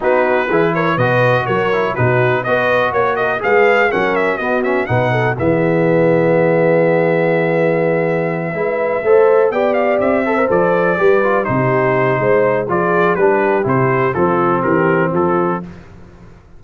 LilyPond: <<
  \new Staff \with { instrumentName = "trumpet" } { \time 4/4 \tempo 4 = 123 b'4. cis''8 dis''4 cis''4 | b'4 dis''4 cis''8 dis''8 f''4 | fis''8 e''8 dis''8 e''8 fis''4 e''4~ | e''1~ |
e''2.~ e''8 g''8 | f''8 e''4 d''2 c''8~ | c''2 d''4 b'4 | c''4 a'4 ais'4 a'4 | }
  \new Staff \with { instrumentName = "horn" } { \time 4/4 fis'4 gis'8 ais'8 b'4 ais'4 | fis'4 b'4 cis''8 ais'8 b'4 | ais'4 fis'4 b'8 a'8 gis'4~ | gis'1~ |
gis'4. b'4 c''4 d''8~ | d''4 c''4. b'4 g'8~ | g'4 c''4 gis'4 g'4~ | g'4 f'4 g'4 f'4 | }
  \new Staff \with { instrumentName = "trombone" } { \time 4/4 dis'4 e'4 fis'4. e'8 | dis'4 fis'2 gis'4 | cis'4 b8 cis'8 dis'4 b4~ | b1~ |
b4. e'4 a'4 g'8~ | g'4 a'16 ais'16 a'4 g'8 f'8 dis'8~ | dis'2 f'4 d'4 | e'4 c'2. | }
  \new Staff \with { instrumentName = "tuba" } { \time 4/4 b4 e4 b,4 fis4 | b,4 b4 ais4 gis4 | fis4 b4 b,4 e4~ | e1~ |
e4. gis4 a4 b8~ | b8 c'4 f4 g4 c8~ | c4 gis4 f4 g4 | c4 f4 e4 f4 | }
>>